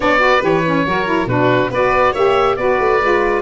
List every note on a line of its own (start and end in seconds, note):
0.00 0.42 B3
0.00 0.18 D4
0.00 0.21 C#5
0.00 0.43 D5
0.18 0.39 F#4
0.18 0.85 B4
0.41 0.85 E3
0.41 0.62 G4
0.41 1.27 C#5
0.65 0.87 C#4
0.86 1.26 F#3
0.86 1.05 F#4
0.86 1.29 A#4
1.05 1.26 E4
1.26 1.69 B2
1.26 1.71 D4
1.26 1.71 F#4
1.26 1.70 B4
1.70 2.13 B3
1.70 2.15 F#4
1.70 2.12 B4
1.70 2.14 D5
2.12 2.57 A#3
2.12 2.58 G4
2.12 2.55 C#5
2.12 2.56 E5
2.56 2.78 B3
2.56 3.01 F#4
2.56 3.42 B4
2.56 3.42 D5
2.79 3.00 A3
3.00 3.42 G#3
3.00 3.42 F4